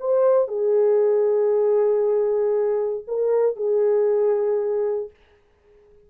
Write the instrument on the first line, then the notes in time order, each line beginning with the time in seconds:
horn
0.00 C5
0.48 G#4
3.07 A#4
3.57 G#4